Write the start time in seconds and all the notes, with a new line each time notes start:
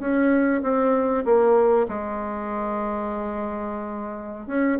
0.00 C#4
0.62 C4
1.25 A#3
1.88 G#3
4.47 C#4